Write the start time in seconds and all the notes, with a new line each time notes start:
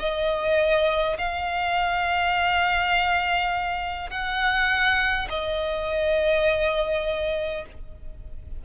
0.00 D#5
1.19 F5
4.11 F#5
5.30 D#5